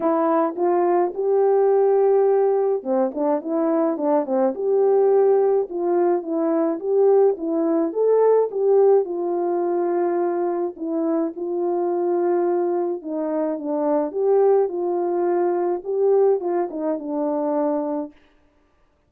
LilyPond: \new Staff \with { instrumentName = "horn" } { \time 4/4 \tempo 4 = 106 e'4 f'4 g'2~ | g'4 c'8 d'8 e'4 d'8 c'8 | g'2 f'4 e'4 | g'4 e'4 a'4 g'4 |
f'2. e'4 | f'2. dis'4 | d'4 g'4 f'2 | g'4 f'8 dis'8 d'2 | }